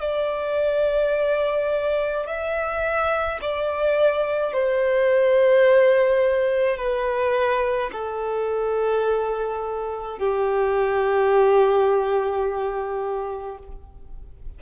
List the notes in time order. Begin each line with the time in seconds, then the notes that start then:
0.00 D5
2.26 E5
3.41 D5
4.53 C5
6.77 B4
7.92 A4
10.18 G4